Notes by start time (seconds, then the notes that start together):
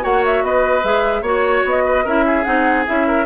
0.00 A#3 F#4 C#5 F#5
0.25 E5
0.43 B3 B4 D#5
0.83 G#3 G#4 E5
1.21 A#3 F#4 C#5
1.64 B3 D#5
1.85 B4
2.04 C#4 E4 A#4 E5
2.26 G#4
2.44 C4 D#4 F#5
2.86 C#4 E4 E5
3.07 A#4